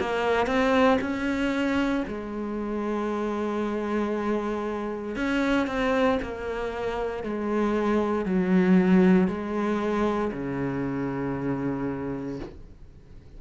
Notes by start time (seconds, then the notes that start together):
0.00 A#3
0.47 C4
1.01 C#4
2.08 G#3
5.16 C#4
5.68 C4
6.23 A#3
7.24 G#3
8.26 F#3
9.28 G#3
10.33 C#3